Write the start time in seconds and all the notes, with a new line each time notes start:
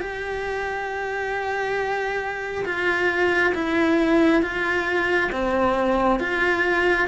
0.00 G4
2.65 F4
3.54 E4
4.42 F4
5.32 C4
6.20 F4